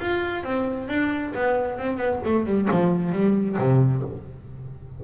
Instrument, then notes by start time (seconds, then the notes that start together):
double bass
0.00 F4
0.43 C4
0.88 D4
1.35 B3
1.78 C4
1.97 B3
2.25 A3
2.46 G3
2.71 F3
3.12 G3
3.58 C3